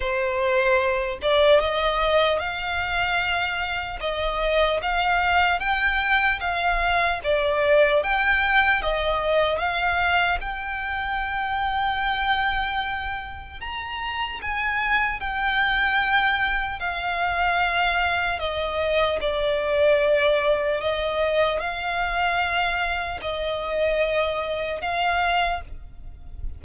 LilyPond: \new Staff \with { instrumentName = "violin" } { \time 4/4 \tempo 4 = 75 c''4. d''8 dis''4 f''4~ | f''4 dis''4 f''4 g''4 | f''4 d''4 g''4 dis''4 | f''4 g''2.~ |
g''4 ais''4 gis''4 g''4~ | g''4 f''2 dis''4 | d''2 dis''4 f''4~ | f''4 dis''2 f''4 | }